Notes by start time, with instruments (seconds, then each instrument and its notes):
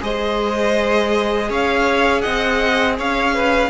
0.00 cello G#3, viola G#4, violin C5 D#5
1.49 cello C#4, violin C#5 F5
2.21 cello C4, violin D#5 F#5
2.98 cello C#4, violin C#5 F5
3.34 violin B4